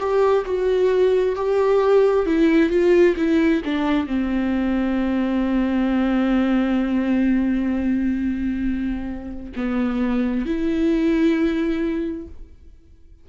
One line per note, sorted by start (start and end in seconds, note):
0.00 0.45 G4
0.46 1.36 F#4
1.36 2.26 G4
2.26 2.70 E4
2.70 3.16 F4
3.17 3.62 E4
3.65 4.07 D4
4.07 9.53 C4
9.57 10.46 B3
10.46 12.28 E4